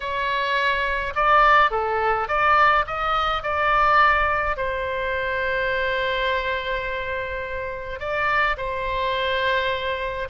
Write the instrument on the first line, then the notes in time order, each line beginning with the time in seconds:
oboe
0.00 C#5
1.15 D5
1.70 A4
2.28 D5
2.86 D#5
3.42 D5
4.56 C5
7.99 D5
8.57 C5